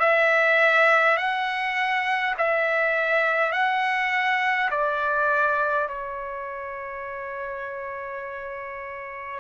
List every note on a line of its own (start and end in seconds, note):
0.00 1.18 E5
1.18 2.35 F#5
2.38 3.53 E5
3.53 4.71 F#5
4.71 5.88 D5
5.89 9.40 C#5